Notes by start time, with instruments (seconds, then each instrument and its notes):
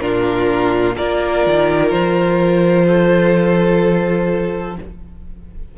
0.00 cello A#2, viola D4, violin F4 A#4
0.96 cello A#3, viola F4, violin A#4 D5
1.46 cello D#3
1.91 cello F3, violin C5
2.87 violin A4